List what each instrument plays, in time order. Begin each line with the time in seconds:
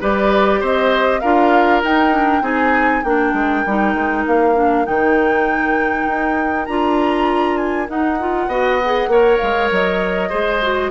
0.00 bassoon G3, clarinet G4, oboe B4, flute D5
0.60 bassoon C4, oboe C5, flute D#5
1.20 bassoon D4, clarinet F4, oboe A#4, flute F5
1.83 bassoon D#4, clarinet D#4, flute G5
2.11 clarinet D4
2.41 bassoon C4, clarinet D#4, oboe G#4, flute G#5
3.03 bassoon A#3, clarinet D4, oboe A#4, flute G5
3.33 bassoon G#3
3.66 bassoon G3, clarinet D#4
3.94 bassoon G#3
4.26 bassoon A#3, flute F5
4.55 clarinet D4
4.85 bassoon D#3, clarinet D#4, flute G5
6.07 bassoon D#4
6.65 bassoon D4, clarinet F4, flute A#5
7.56 flute G#5
7.87 clarinet D#4, bassoon D#4, flute F#5
8.19 clarinet F4
8.47 bassoon B3, clarinet F#4, oboe D#5
8.84 clarinet G#4
9.07 bassoon A#3, clarinet A#4, oboe C#5
9.38 bassoon G#3, flute F5
9.71 bassoon F#3, flute D#5
10.29 bassoon G#3, clarinet G#4, oboe C5
10.62 clarinet F#4